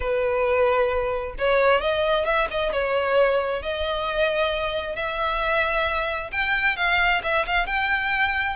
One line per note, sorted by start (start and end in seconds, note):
0.00 1.35 B4
1.38 1.80 C#5
1.80 2.25 D#5
2.25 2.47 E5
2.50 2.72 D#5
2.72 3.62 C#5
3.62 4.95 D#5
4.95 6.30 E5
6.32 6.76 G5
6.76 7.21 F5
7.23 7.46 E5
7.46 7.66 F5
7.66 8.56 G5